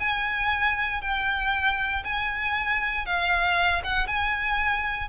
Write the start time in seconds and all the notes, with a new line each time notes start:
0.00 G#5
1.02 G5
2.05 G#5
3.06 F5
3.84 F#5
4.07 G#5